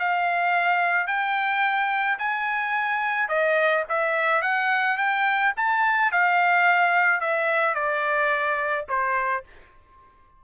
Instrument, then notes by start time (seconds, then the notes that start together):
trumpet
0.00 F5
1.08 G5
2.19 G#5
3.29 D#5
3.90 E5
4.42 F#5
4.98 G5
5.57 A5
6.12 F5
7.21 E5
7.75 D5
8.89 C5